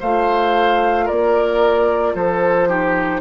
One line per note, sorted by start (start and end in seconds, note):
0.00 1.10 A3
0.00 2.69 F4
0.00 1.05 C5
0.00 1.08 F5
1.05 2.15 A#3
1.05 2.12 A#4
1.05 2.15 D5
2.15 3.21 F3
2.15 2.69 A4
2.15 3.21 C5
2.69 3.21 D#4
2.69 3.21 G4